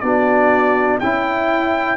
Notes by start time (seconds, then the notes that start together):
0.00 B3 D4 F#4 D5
1.00 C#4 E4 G5